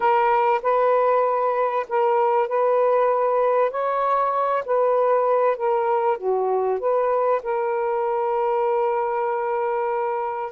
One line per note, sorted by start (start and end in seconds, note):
0.00 0.60 A#4
0.62 1.86 B4
1.88 2.48 A#4
2.48 3.71 B4
3.71 4.63 C#5
4.65 5.57 B4
5.57 6.17 A#4
6.17 6.79 F#4
6.79 7.41 B4
7.43 10.52 A#4